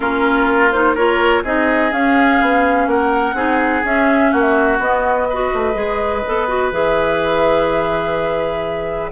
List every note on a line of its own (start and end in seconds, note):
0.00 1.43 A#3
0.00 0.71 C#4
0.00 0.95 F4
0.00 0.71 A#4
0.71 0.97 D#4
0.71 0.95 C5
0.95 1.45 F4
0.95 1.43 A#4
0.95 1.44 C#5
1.43 1.91 C4
1.43 1.91 D#4
1.43 2.87 G#4
1.43 1.92 D#5
1.91 3.35 C#4
1.91 2.40 C#4
1.91 2.88 F5
2.41 2.86 B3
2.86 3.33 A#3
2.86 3.35 A#4
2.86 3.83 F#5
3.33 3.81 C4
3.33 3.83 D#4
3.33 4.31 G#4
3.84 4.32 C#4
3.84 4.80 C#4
3.84 4.32 E5
4.31 4.78 A#3
4.31 5.27 F#4
4.31 4.41 F#5
4.41 4.77 E5
4.78 5.50 B3
4.78 5.28 B3
4.78 6.72 D#5
5.29 5.74 F#4
5.29 9.11 B4
5.53 5.75 A3
5.74 6.23 G#3
5.74 6.22 G#4
6.26 6.71 B3
6.26 6.48 A4
6.48 6.72 F#4
6.71 9.11 E3
6.71 9.11 G#4
6.71 9.11 E5